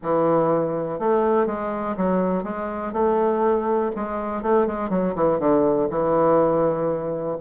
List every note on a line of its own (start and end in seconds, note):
0.02 0.99 E3
0.99 1.46 A3
1.46 1.95 G#3
1.96 2.43 F#3
2.43 2.92 G#3
2.92 3.91 A3
3.95 4.42 G#3
4.42 4.66 A3
4.67 4.89 G#3
4.89 5.14 F#3
5.15 5.39 E3
5.39 5.88 D3
5.90 7.37 E3